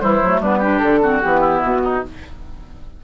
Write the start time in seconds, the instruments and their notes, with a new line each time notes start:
0.00 bassoon E3, clarinet G3, oboe E4, flute C5
0.22 bassoon F#3, clarinet A3
0.41 bassoon G3, clarinet B3, oboe D4, flute B4
0.58 clarinet D4, oboe G4
0.79 bassoon D3, flute A4
1.01 clarinet C4, oboe F#4
1.21 bassoon E3, clarinet B3, flute G4
1.40 oboe E4
1.62 bassoon B2, flute F#4
1.84 oboe D#4